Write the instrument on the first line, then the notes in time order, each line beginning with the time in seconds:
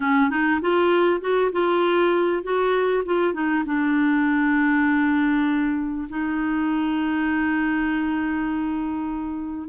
clarinet
0.00 C#4
0.29 D#4
0.61 F4
1.20 F#4
1.52 F4
2.43 F#4
3.05 F4
3.33 D#4
3.65 D4
6.09 D#4